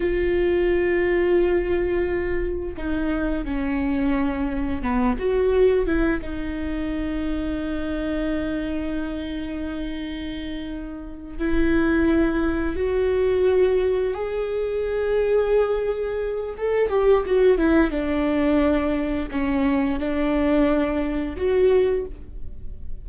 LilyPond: \new Staff \with { instrumentName = "viola" } { \time 4/4 \tempo 4 = 87 f'1 | dis'4 cis'2 b8 fis'8~ | fis'8 e'8 dis'2.~ | dis'1~ |
dis'8 e'2 fis'4.~ | fis'8 gis'2.~ gis'8 | a'8 g'8 fis'8 e'8 d'2 | cis'4 d'2 fis'4 | }